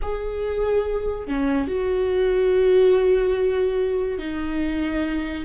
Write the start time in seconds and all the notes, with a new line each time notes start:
0.02 G#4
1.27 C#4
1.67 F#4
4.18 D#4